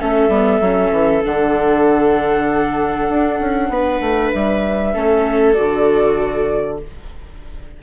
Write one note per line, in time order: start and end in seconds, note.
0.00 0.29 A3
0.00 0.31 C#4
0.00 3.72 A4
0.00 1.24 E5
0.29 0.60 G3
0.29 0.62 B3
0.61 0.92 F#3
0.61 1.24 C#4
0.92 1.23 E3
1.24 3.10 D3
1.24 4.94 D4
1.24 4.32 F#5
3.10 3.40 D4
3.40 3.70 C#4
3.70 4.01 B3
3.70 4.94 B4
4.01 4.32 A3
4.32 4.96 G3
4.32 5.54 E5
4.94 5.58 A3
4.94 5.54 C#4
4.94 6.80 A4
5.54 6.83 D3
5.54 6.78 F#4
5.54 6.77 D5